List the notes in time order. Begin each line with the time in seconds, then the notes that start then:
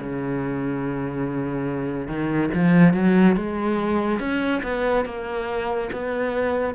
0.00 C#3
2.07 D#3
2.54 F3
2.94 F#3
3.36 G#3
4.19 C#4
4.63 B3
5.06 A#3
5.92 B3